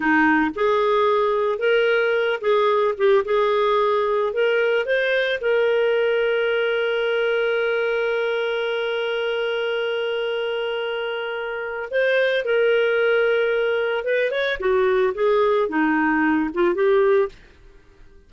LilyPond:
\new Staff \with { instrumentName = "clarinet" } { \time 4/4 \tempo 4 = 111 dis'4 gis'2 ais'4~ | ais'8 gis'4 g'8 gis'2 | ais'4 c''4 ais'2~ | ais'1~ |
ais'1~ | ais'2 c''4 ais'4~ | ais'2 b'8 cis''8 fis'4 | gis'4 dis'4. f'8 g'4 | }